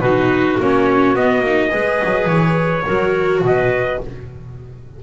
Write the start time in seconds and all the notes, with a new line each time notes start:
0.00 B2 D#4 F#4 B4
0.59 A#3 C#4 C#5
1.14 B3 D#5
1.40 A#3
1.46 D#4
1.70 G#3 G#4 B4
2.04 F#3
2.26 E3 C#5
2.85 F#3 F#4 A#4
3.41 B2 B4 D#5